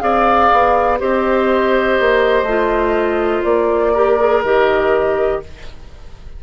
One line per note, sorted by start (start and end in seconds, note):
0.00 0.51 C4
0.00 0.98 G#4
0.00 1.00 D5
0.00 0.99 F5
0.52 1.01 B3
0.99 2.00 C4
0.99 2.46 G4
0.99 3.93 C5
0.99 3.44 D#5
2.00 2.43 A#3
2.43 3.41 A3
2.43 3.95 F4
3.44 4.43 A#3
3.44 4.42 D5
3.93 4.19 G4
3.93 5.41 A#4
4.20 4.44 G#4
4.43 5.42 D#3
4.43 5.43 G4
4.43 5.42 D#5